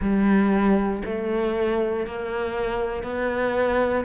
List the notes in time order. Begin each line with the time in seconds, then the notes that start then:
0.01 G3
1.04 A3
2.06 A#3
3.03 B3